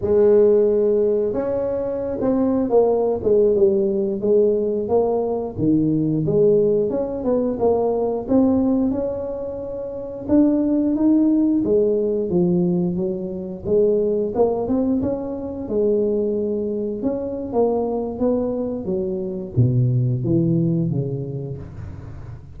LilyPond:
\new Staff \with { instrumentName = "tuba" } { \time 4/4 \tempo 4 = 89 gis2 cis'4~ cis'16 c'8. | ais8. gis8 g4 gis4 ais8.~ | ais16 dis4 gis4 cis'8 b8 ais8.~ | ais16 c'4 cis'2 d'8.~ |
d'16 dis'4 gis4 f4 fis8.~ | fis16 gis4 ais8 c'8 cis'4 gis8.~ | gis4~ gis16 cis'8. ais4 b4 | fis4 b,4 e4 cis4 | }